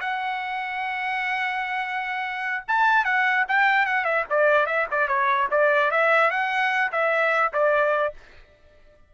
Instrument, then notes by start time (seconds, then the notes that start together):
trumpet
0.00 F#5
2.68 A5
3.04 F#5
3.48 G5
3.86 F#5
4.04 E5
4.30 D5
4.66 E5
4.91 D5
5.07 C#5
5.51 D5
5.91 E5
6.30 F#5
6.92 E5
7.53 D5